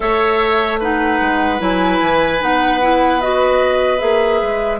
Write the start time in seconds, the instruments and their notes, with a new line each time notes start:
0.00 bassoon A3, clarinet A4, oboe C#5, flute E5
0.79 clarinet D#4, oboe B4, flute F#5
1.20 bassoon G#3
1.58 bassoon F#3, clarinet E4, flute G#5
2.01 bassoon E3
2.40 bassoon B3, clarinet D#4, flute F#5
2.81 clarinet E4
3.21 clarinet F#4, flute D#5
3.98 bassoon A#3, clarinet G#4, flute E5
4.42 bassoon G#3